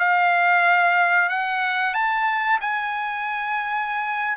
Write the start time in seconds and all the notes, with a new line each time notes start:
0.00 F5
1.30 F#5
1.94 A5
2.61 G#5